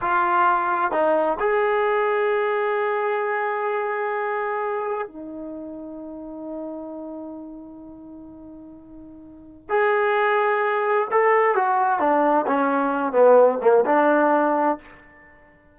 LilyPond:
\new Staff \with { instrumentName = "trombone" } { \time 4/4 \tempo 4 = 130 f'2 dis'4 gis'4~ | gis'1~ | gis'2. dis'4~ | dis'1~ |
dis'1~ | dis'4 gis'2. | a'4 fis'4 d'4 cis'4~ | cis'8 b4 ais8 d'2 | }